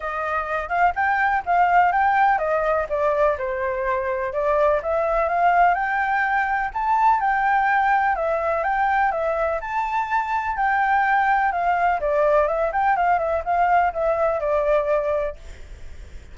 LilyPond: \new Staff \with { instrumentName = "flute" } { \time 4/4 \tempo 4 = 125 dis''4. f''8 g''4 f''4 | g''4 dis''4 d''4 c''4~ | c''4 d''4 e''4 f''4 | g''2 a''4 g''4~ |
g''4 e''4 g''4 e''4 | a''2 g''2 | f''4 d''4 e''8 g''8 f''8 e''8 | f''4 e''4 d''2 | }